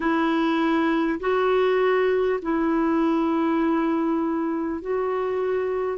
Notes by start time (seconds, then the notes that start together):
0.00 E4
1.20 F#4
2.42 E4
4.81 F#4